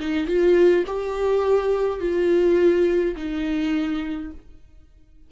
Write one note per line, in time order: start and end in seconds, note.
0.00 0.27 D#4
0.27 0.85 F4
0.87 2.00 G4
2.00 3.15 F4
3.16 4.32 D#4